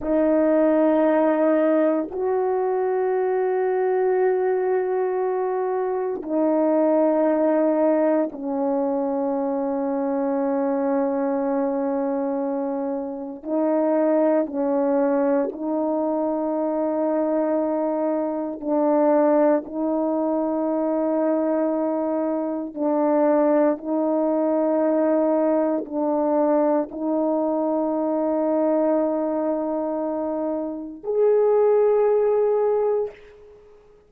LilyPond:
\new Staff \with { instrumentName = "horn" } { \time 4/4 \tempo 4 = 58 dis'2 fis'2~ | fis'2 dis'2 | cis'1~ | cis'4 dis'4 cis'4 dis'4~ |
dis'2 d'4 dis'4~ | dis'2 d'4 dis'4~ | dis'4 d'4 dis'2~ | dis'2 gis'2 | }